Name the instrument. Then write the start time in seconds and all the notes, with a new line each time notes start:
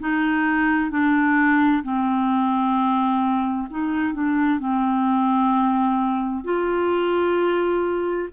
clarinet
0.00 D#4
0.91 D4
1.84 C4
3.70 D#4
4.15 D4
4.60 C4
6.45 F4